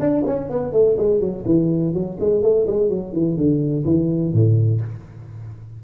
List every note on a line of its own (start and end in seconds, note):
0.00 0.24 D4
0.26 0.50 C#4
0.50 0.72 B3
0.72 0.96 A3
0.97 1.20 G#3
1.20 1.44 F#3
1.45 1.93 E3
1.93 2.17 F#3
2.20 2.42 G#3
2.42 2.66 A3
2.67 2.89 G#3
2.89 3.12 F#3
3.12 3.36 E3
3.37 3.85 D3
3.85 4.33 E3
4.33 4.81 A2